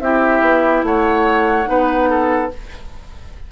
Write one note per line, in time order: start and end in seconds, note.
0.00 0.41 C4
0.00 1.65 E4
0.00 0.86 G4
0.00 0.83 E5
0.41 0.83 B3
0.84 1.67 A3
0.84 1.70 C#5
0.84 2.52 F#5
1.65 2.51 B3
1.65 2.49 D#4
1.65 2.10 B4
2.10 2.52 A4